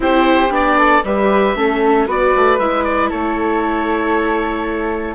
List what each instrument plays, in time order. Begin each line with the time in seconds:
0.00 bassoon C4, viola E4, flute G4, oboe C5
0.50 bassoon B3, viola D4, oboe D5
0.77 flute A4
1.04 bassoon G3, viola G4, flute B4, oboe E5
1.55 bassoon A3, viola C#4, flute A4
2.06 bassoon B3, viola F#4, flute B4, oboe D5
2.36 bassoon A3
2.58 bassoon G#3, viola E4, oboe E5
2.84 oboe D5
3.09 bassoon A3, flute A4, oboe C#5